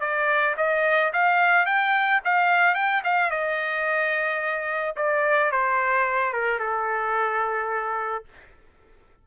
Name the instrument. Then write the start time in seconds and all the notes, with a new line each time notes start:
trumpet
0.00 D5
0.57 D#5
1.13 F5
1.66 G5
2.24 F5
2.75 G5
3.04 F5
3.31 D#5
4.96 D5
5.51 C5
6.33 A#4
6.60 A4